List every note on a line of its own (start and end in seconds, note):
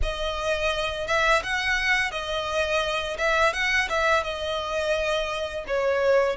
0.02 1.07 D#5
1.07 1.42 E5
1.43 2.11 F#5
2.11 3.17 D#5
3.17 3.53 E5
3.53 3.88 F#5
3.89 4.23 E5
4.23 5.64 D#5
5.67 6.36 C#5